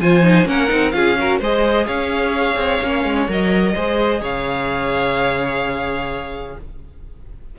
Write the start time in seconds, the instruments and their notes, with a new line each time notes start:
0.00 cello F3, viola F4, violin C5 G#5
0.23 viola D#4
0.46 cello A#3, viola C#4, violin A#4 F#5
0.69 cello C4, viola D#4
0.91 cello C#4, viola F4, violin G#4 F5
1.18 viola F#4, violin A#4
1.39 cello G#3, viola G#4, violin C5 D#5
1.86 cello C#4, violin C#5 F5
2.56 cello C4
2.82 cello A#3, viola C#4
3.04 cello G#3
3.29 cello F#3, viola A#4, violin D#5
3.74 cello G#3, viola G#4, violin C5
4.21 cello C#3, violin C#5 F5